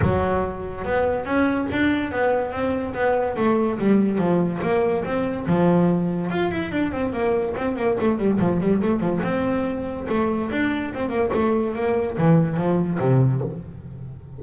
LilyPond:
\new Staff \with { instrumentName = "double bass" } { \time 4/4 \tempo 4 = 143 fis2 b4 cis'4 | d'4 b4 c'4 b4 | a4 g4 f4 ais4 | c'4 f2 f'8 e'8 |
d'8 c'8 ais4 c'8 ais8 a8 g8 | f8 g8 a8 f8 c'2 | a4 d'4 c'8 ais8 a4 | ais4 e4 f4 c4 | }